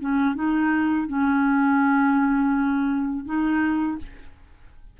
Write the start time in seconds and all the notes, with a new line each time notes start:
0.00 C#4
0.34 D#4
1.07 C#4
3.25 D#4